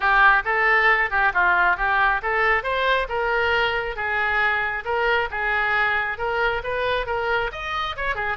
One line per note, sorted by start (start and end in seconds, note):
0.00 0.42 G4
0.44 1.10 A4
1.10 1.32 G4
1.33 1.76 F4
1.76 2.21 G4
2.22 2.63 A4
2.63 3.07 C5
3.09 3.95 A#4
3.95 4.84 G#4
4.84 5.28 A#4
5.30 6.18 G#4
6.18 6.62 A#4
6.63 7.06 B4
7.06 7.50 A#4
7.51 7.96 D#5
7.96 8.15 C#5
8.15 8.37 G#4